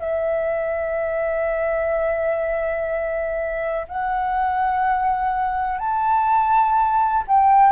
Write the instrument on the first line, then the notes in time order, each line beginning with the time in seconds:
flute
0.00 E5
3.88 F#5
5.79 A5
7.28 G5